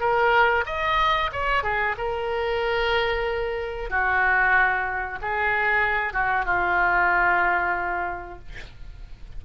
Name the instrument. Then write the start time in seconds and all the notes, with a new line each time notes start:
oboe
0.00 A#4
0.66 D#5
1.33 C#5
1.63 G#4
1.98 A#4
3.90 F#4
5.22 G#4
6.13 F#4
6.45 F4